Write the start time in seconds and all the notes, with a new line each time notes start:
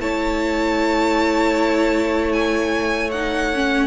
0.00 A3 E4 C#5 A5
2.33 G#5
3.12 D#4 F#5
3.54 C#4